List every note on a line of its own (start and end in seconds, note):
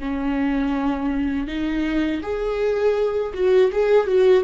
0.00 1.48 C#4
1.48 2.22 D#4
2.22 3.33 G#4
3.34 3.71 F#4
3.72 4.07 G#4
4.07 4.44 F#4